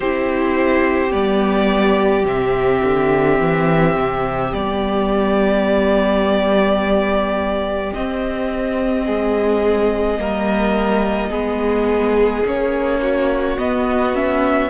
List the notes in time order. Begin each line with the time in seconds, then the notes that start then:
0.00 C4 E4 G4 C5
1.10 G3 B3 D5
2.24 C3 C4 E5
2.83 D3
3.39 E3
3.96 C3
4.52 G3 B3 D5
7.92 C4 D#5
9.05 G#3 G#4
10.18 G3 A#3 A#4
11.29 G#3 B3 G#4
12.45 A#3 C#4 C#5
13.02 F#4
13.57 B3 D#5
14.13 C#4 E5